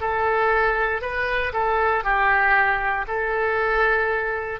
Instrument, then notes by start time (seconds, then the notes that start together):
oboe
0.00 A4
1.02 B4
1.53 A4
2.04 G4
3.07 A4